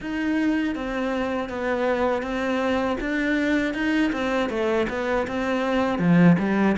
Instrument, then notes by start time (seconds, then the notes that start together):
cello
0.00 D#4
0.75 C4
1.49 B3
2.22 C4
3.00 D4
3.74 D#4
4.12 C4
4.49 A3
4.89 B3
5.27 C4
5.99 F3
6.38 G3